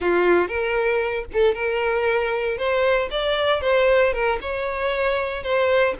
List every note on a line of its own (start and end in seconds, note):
0.00 0.47 F4
0.47 1.25 A#4
1.33 1.54 A4
1.54 2.57 A#4
2.57 3.09 C5
3.10 3.61 D5
3.61 4.13 C5
4.13 4.38 A#4
4.41 5.43 C#5
5.43 5.95 C5